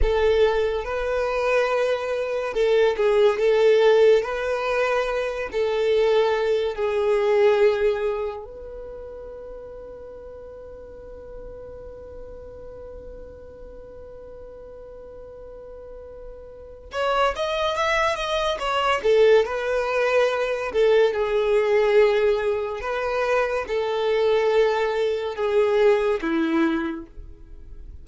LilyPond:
\new Staff \with { instrumentName = "violin" } { \time 4/4 \tempo 4 = 71 a'4 b'2 a'8 gis'8 | a'4 b'4. a'4. | gis'2 b'2~ | b'1~ |
b'1 | cis''8 dis''8 e''8 dis''8 cis''8 a'8 b'4~ | b'8 a'8 gis'2 b'4 | a'2 gis'4 e'4 | }